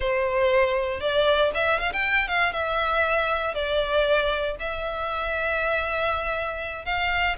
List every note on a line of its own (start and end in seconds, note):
0.00 1.00 C5
1.00 1.51 D5
1.54 1.79 E5
1.79 1.92 F5
1.92 2.28 G5
2.28 2.53 F5
2.53 3.54 E5
3.54 4.56 D5
4.59 6.85 E5
6.85 7.36 F5